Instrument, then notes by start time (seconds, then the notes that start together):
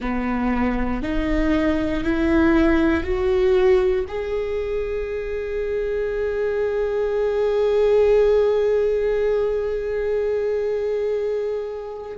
viola
0.00 B3
1.02 D#4
2.03 E4
3.03 F#4
4.07 G#4